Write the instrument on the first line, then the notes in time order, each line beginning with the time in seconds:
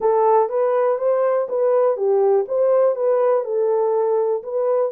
horn
0.00 A4
0.49 B4
0.98 C5
1.49 B4
1.96 G4
2.48 C5
2.95 B4
3.44 A4
4.43 B4